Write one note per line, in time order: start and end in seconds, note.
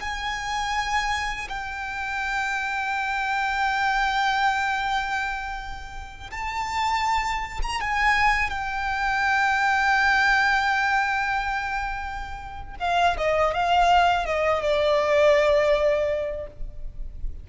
0.00 1.48 G#5
1.49 6.30 G5
6.31 7.61 A5
7.63 7.81 A#5
7.81 8.50 G#5
8.50 12.76 G5
12.80 13.17 F5
13.18 13.54 D#5
13.54 14.26 F5
14.26 14.62 D#5
14.62 16.47 D5